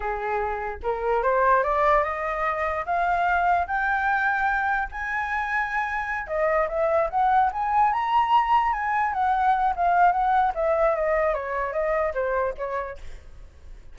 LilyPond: \new Staff \with { instrumentName = "flute" } { \time 4/4 \tempo 4 = 148 gis'2 ais'4 c''4 | d''4 dis''2 f''4~ | f''4 g''2. | gis''2.~ gis''8 dis''8~ |
dis''8 e''4 fis''4 gis''4 ais''8~ | ais''4. gis''4 fis''4. | f''4 fis''4 e''4 dis''4 | cis''4 dis''4 c''4 cis''4 | }